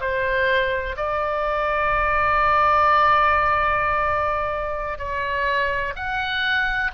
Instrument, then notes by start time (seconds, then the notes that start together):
oboe
0.00 C5
0.96 D5
4.98 C#5
5.95 F#5